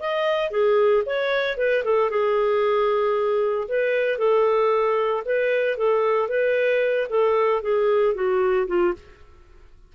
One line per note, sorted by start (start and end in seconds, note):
0.00 0.51 D#5
0.51 1.04 G#4
1.06 1.57 C#5
1.57 1.84 B4
1.84 2.10 A4
2.10 3.68 G#4
3.69 4.18 B4
4.18 5.24 A4
5.25 5.78 B4
5.78 6.29 A4
6.29 7.08 B4
7.10 7.62 A4
7.62 8.15 G#4
8.15 8.67 F#4
8.67 8.94 F4